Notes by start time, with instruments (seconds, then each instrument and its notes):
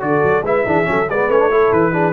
0.00 tuba D3, trombone F#4, horn A4, trumpet D5
0.23 tuba F#3
0.42 tuba G#3, trombone E4, horn B4, trumpet E5
0.66 tuba E3, trombone D4, horn G#4
0.84 tuba F#3, trombone C#4, horn A4
1.09 tuba G#3, trombone B3, horn B4, trumpet D5
1.28 tuba A3, trombone C#4, trumpet C#5
1.39 trombone D4
1.51 trombone E4, horn A4
1.72 tuba E3, trumpet B4
1.93 trombone D4, horn G#4